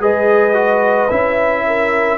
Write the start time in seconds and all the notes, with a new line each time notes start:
0.00 G#3 G#4 B4 D#5
0.54 F#4
1.10 C#4 E4 E5
1.67 A#4